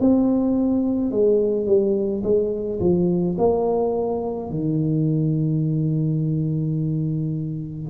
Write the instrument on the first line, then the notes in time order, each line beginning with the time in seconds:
tuba
0.00 C4
1.11 G#3
1.66 G3
2.23 G#3
2.80 F3
3.38 A#3
4.50 D#3